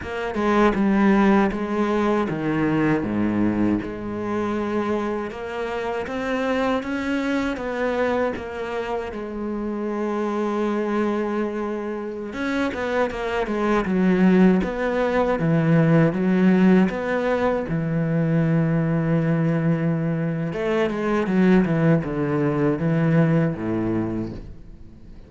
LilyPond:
\new Staff \with { instrumentName = "cello" } { \time 4/4 \tempo 4 = 79 ais8 gis8 g4 gis4 dis4 | gis,4 gis2 ais4 | c'4 cis'4 b4 ais4 | gis1~ |
gis16 cis'8 b8 ais8 gis8 fis4 b8.~ | b16 e4 fis4 b4 e8.~ | e2. a8 gis8 | fis8 e8 d4 e4 a,4 | }